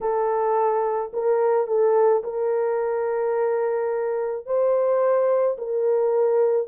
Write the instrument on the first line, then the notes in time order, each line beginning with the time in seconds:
horn
0.01 A4
1.13 A#4
1.67 A4
2.23 A#4
4.45 C5
5.57 A#4